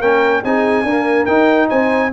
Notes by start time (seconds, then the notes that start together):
0.00 A#3 C#4 A#4 G5
0.44 C4 D#4 G#4 G#5
0.84 A#3 D4 A#4
1.26 D#4 G5
1.69 C4 C5 G#5